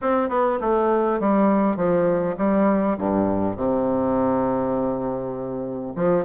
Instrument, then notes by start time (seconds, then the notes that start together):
bassoon
0.01 C4
0.29 B3
0.60 A3
1.19 G3
1.76 F3
2.37 G3
2.97 G2
3.56 C3
5.95 F3